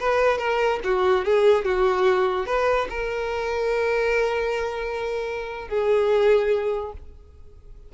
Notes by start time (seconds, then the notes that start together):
0.00 B4
0.38 A#4
0.84 F#4
1.25 G#4
1.65 F#4
2.47 B4
2.90 A#4
5.69 G#4